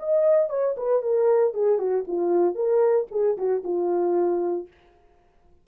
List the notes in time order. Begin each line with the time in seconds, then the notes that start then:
0.00 D#5
0.50 C#5
0.77 B4
1.03 A#4
1.54 G#4
1.79 F#4
2.08 F4
2.56 A#4
3.12 G#4
3.38 F#4
3.64 F4